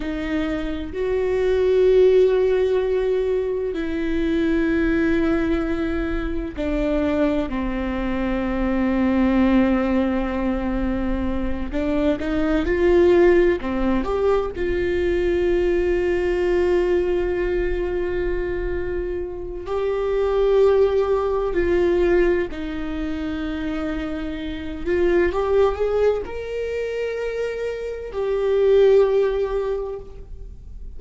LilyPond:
\new Staff \with { instrumentName = "viola" } { \time 4/4 \tempo 4 = 64 dis'4 fis'2. | e'2. d'4 | c'1~ | c'8 d'8 dis'8 f'4 c'8 g'8 f'8~ |
f'1~ | f'4 g'2 f'4 | dis'2~ dis'8 f'8 g'8 gis'8 | ais'2 g'2 | }